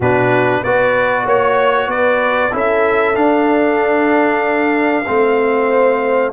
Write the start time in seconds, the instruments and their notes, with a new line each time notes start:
0.00 tuba B2, trombone D4, horn F#4, trumpet B4
0.63 tuba B3, trombone F#4, horn B4, trumpet D5
1.25 tuba A#3, horn C#5, trumpet C#5
1.87 tuba B3, horn B4, trumpet D5
2.51 tuba C#4, trombone E4, horn A4
2.57 trumpet E5
3.15 trombone D4, tuba D4, trumpet F5
5.06 tuba A3, trombone C4, horn C5